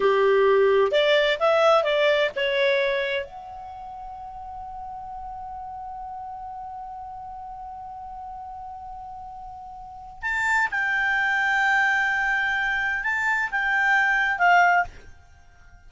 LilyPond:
\new Staff \with { instrumentName = "clarinet" } { \time 4/4 \tempo 4 = 129 g'2 d''4 e''4 | d''4 cis''2 fis''4~ | fis''1~ | fis''1~ |
fis''1~ | fis''2 a''4 g''4~ | g''1 | a''4 g''2 f''4 | }